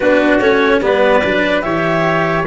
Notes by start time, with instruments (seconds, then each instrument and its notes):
0.00 tuba B3, cello D4, trumpet F#4, clarinet B4
0.39 tuba A3, cello C#4, clarinet C#5
0.81 tuba G3, cello B3, trumpet B4, clarinet D5
1.23 tuba F#3, cello D4
1.61 tuba E3, cello G4, trumpet C#5, clarinet E5